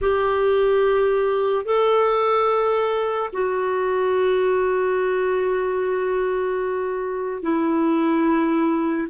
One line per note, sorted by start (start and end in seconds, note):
0.01 1.65 G4
1.65 3.30 A4
3.32 7.42 F#4
7.42 9.07 E4